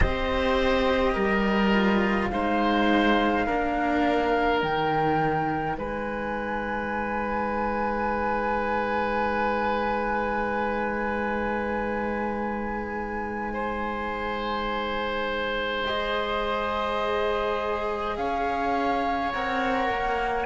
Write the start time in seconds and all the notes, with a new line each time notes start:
0.00 C4 G4 C5 D#5
1.13 G3 A#4
1.73 F4
2.29 G#3 D#4 C5 F5
3.46 A#3 D4 A#4
4.60 D#3 D#4 G5
5.77 G#3 B4 G#5
13.53 C5
15.86 G#4 D#5
18.17 C#4 C#5 F5
19.32 C4 A#4 F#5
19.89 A#3